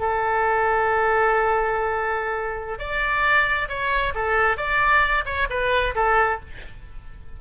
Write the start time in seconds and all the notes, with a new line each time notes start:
0.00 A4
2.79 D5
3.69 C#5
4.15 A4
4.57 D5
5.26 C#5
5.50 B4
5.96 A4